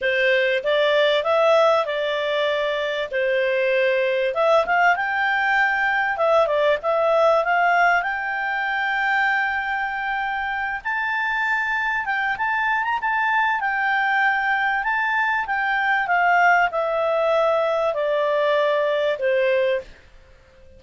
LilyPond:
\new Staff \with { instrumentName = "clarinet" } { \time 4/4 \tempo 4 = 97 c''4 d''4 e''4 d''4~ | d''4 c''2 e''8 f''8 | g''2 e''8 d''8 e''4 | f''4 g''2.~ |
g''4. a''2 g''8 | a''8. ais''16 a''4 g''2 | a''4 g''4 f''4 e''4~ | e''4 d''2 c''4 | }